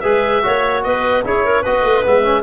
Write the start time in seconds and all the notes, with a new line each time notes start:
0.00 G#3 G#4 B4 E5
0.42 A#3 F#4 C#5
0.83 B3 B4 D#5
1.24 C#4 E4 G#4 C#5
1.44 A#4
1.62 B3 F#4 B4 D#5
1.83 A3
2.03 G#3 B3 E5
2.23 C#4